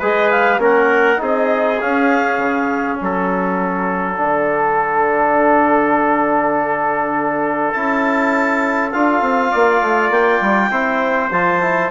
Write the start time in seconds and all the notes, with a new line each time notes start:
0.00 G#3 G#4 B4 D#5
0.31 F5
0.59 A#3 C#4 A#4 F#5
1.17 C4 D#4 G#4 D#5
1.81 C#4 F5
2.38 C#3
2.98 F#3 A4 F#5
4.17 D3 D4
7.72 C#4 E4 A5
8.92 D4 F4 F5
9.21 C4
9.52 A#3 D5
9.82 A3
10.10 A#3 G5
10.41 G3
10.71 C4 E4 C5
11.32 F3 F4 A5
11.62 E4